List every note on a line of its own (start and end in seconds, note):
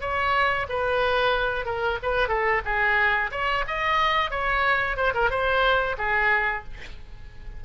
0.00 0.66 C#5
0.69 1.65 B4
1.65 1.98 A#4
2.02 2.28 B4
2.28 2.61 A4
2.64 3.30 G#4
3.31 3.64 C#5
3.67 4.30 D#5
4.30 4.96 C#5
4.96 5.12 C5
5.14 5.30 A#4
5.30 5.96 C5
5.97 6.63 G#4